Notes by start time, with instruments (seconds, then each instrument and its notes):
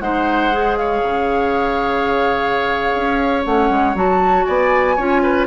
0.00 bassoon G#3, clarinet D#4, oboe C5, flute F#5
0.52 clarinet G#4
0.76 oboe C#5, flute F5
1.03 bassoon C#3
2.95 bassoon C#4
3.44 bassoon A3, clarinet C#4, flute F#5
3.70 bassoon G#3
3.94 bassoon F#3, clarinet F#4, flute A5
4.44 bassoon B3, oboe D5, flute G#5
4.95 bassoon C#4, clarinet F4, oboe C#5
5.23 oboe B4